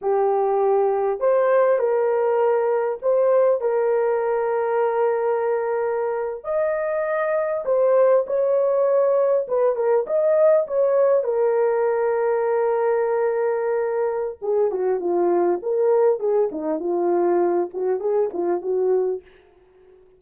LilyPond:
\new Staff \with { instrumentName = "horn" } { \time 4/4 \tempo 4 = 100 g'2 c''4 ais'4~ | ais'4 c''4 ais'2~ | ais'2~ ais'8. dis''4~ dis''16~ | dis''8. c''4 cis''2 b'16~ |
b'16 ais'8 dis''4 cis''4 ais'4~ ais'16~ | ais'1 | gis'8 fis'8 f'4 ais'4 gis'8 dis'8 | f'4. fis'8 gis'8 f'8 fis'4 | }